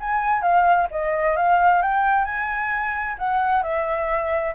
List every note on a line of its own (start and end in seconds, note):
0.00 0.42 G#5
0.42 0.87 F5
0.91 1.37 D#5
1.37 1.82 F5
1.82 2.25 G5
2.25 3.16 G#5
3.18 3.63 F#5
3.63 4.54 E5